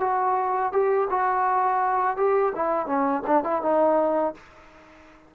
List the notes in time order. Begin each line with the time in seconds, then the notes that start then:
0.00 F#4
0.72 G4
1.10 F#4
2.17 G4
2.55 E4
2.87 C#4
3.27 D4
3.44 E4
3.62 D#4